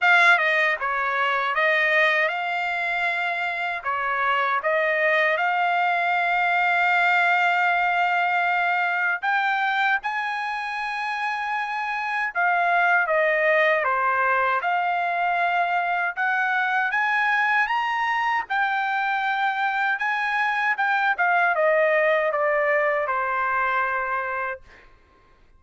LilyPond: \new Staff \with { instrumentName = "trumpet" } { \time 4/4 \tempo 4 = 78 f''8 dis''8 cis''4 dis''4 f''4~ | f''4 cis''4 dis''4 f''4~ | f''1 | g''4 gis''2. |
f''4 dis''4 c''4 f''4~ | f''4 fis''4 gis''4 ais''4 | g''2 gis''4 g''8 f''8 | dis''4 d''4 c''2 | }